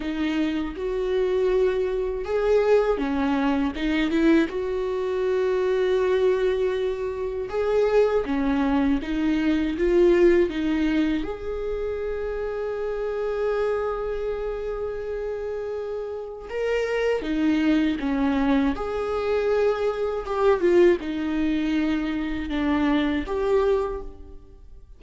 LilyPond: \new Staff \with { instrumentName = "viola" } { \time 4/4 \tempo 4 = 80 dis'4 fis'2 gis'4 | cis'4 dis'8 e'8 fis'2~ | fis'2 gis'4 cis'4 | dis'4 f'4 dis'4 gis'4~ |
gis'1~ | gis'2 ais'4 dis'4 | cis'4 gis'2 g'8 f'8 | dis'2 d'4 g'4 | }